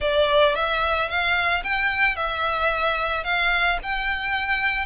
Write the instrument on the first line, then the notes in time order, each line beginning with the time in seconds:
violin
0.00 D5
0.55 E5
1.09 F5
1.63 G5
2.16 E5
3.24 F5
3.82 G5